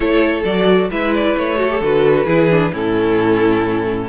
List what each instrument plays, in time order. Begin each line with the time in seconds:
0.00 cello A3, viola E4, violin A4 C#5
0.44 cello F#3, viola F#4, violin D5
0.90 cello G#3, viola E4, violin B4 E5
1.14 violin D5
1.37 cello A3, violin C#5
1.57 viola F#4, violin A4
1.70 viola G4
1.80 cello D3, viola F#4, violin B4
2.26 cello E3, viola E4, violin G#4
2.50 viola D4
2.72 cello A2, viola C#4, violin E4 A4